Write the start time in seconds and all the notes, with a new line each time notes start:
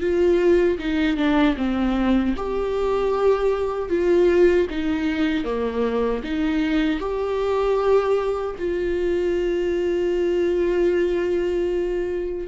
0.00 F4
0.78 D#4
1.17 D4
1.57 C4
2.36 G4
3.89 F4
4.70 D#4
5.45 A#3
6.24 D#4
7.00 G4
8.59 F4